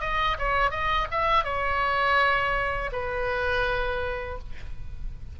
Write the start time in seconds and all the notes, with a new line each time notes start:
0.00 D#5
0.38 C#5
0.71 D#5
1.11 E5
1.44 C#5
2.92 B4